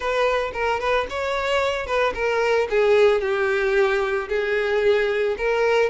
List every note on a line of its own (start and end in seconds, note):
0.00 0.51 B4
0.53 0.79 A#4
0.80 1.07 B4
1.09 1.86 C#5
1.86 2.13 B4
2.14 2.67 A#4
2.70 3.21 G#4
3.21 4.28 G4
4.29 5.36 G#4
5.37 5.89 A#4